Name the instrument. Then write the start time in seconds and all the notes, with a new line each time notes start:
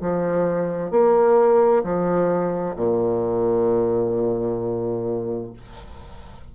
bassoon
0.00 F3
0.90 A#3
1.83 F3
2.76 A#2